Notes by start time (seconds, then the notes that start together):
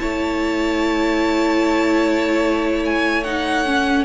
0.00 A3 E4 C#5 A5
2.86 G#5
3.24 D#4 F#5
3.66 C#4